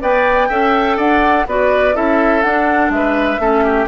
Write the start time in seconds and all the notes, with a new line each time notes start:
0.00 B3 B4 D5 G5
0.48 C#4 A4 E5
0.97 D4 D5 F#5
1.46 B3 F#4 B4 D5
1.93 C#4 E4 A4 E5
2.42 D4 F#5
2.89 G#3 B4 E5
3.39 A3 C#4 A4
3.64 G4